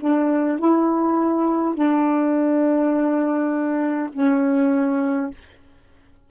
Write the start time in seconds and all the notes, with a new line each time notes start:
0.00 D4
0.59 E4
1.75 D4
4.13 C#4